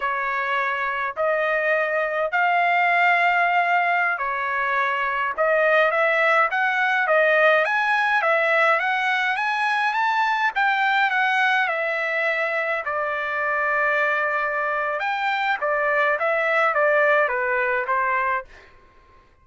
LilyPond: \new Staff \with { instrumentName = "trumpet" } { \time 4/4 \tempo 4 = 104 cis''2 dis''2 | f''2.~ f''16 cis''8.~ | cis''4~ cis''16 dis''4 e''4 fis''8.~ | fis''16 dis''4 gis''4 e''4 fis''8.~ |
fis''16 gis''4 a''4 g''4 fis''8.~ | fis''16 e''2 d''4.~ d''16~ | d''2 g''4 d''4 | e''4 d''4 b'4 c''4 | }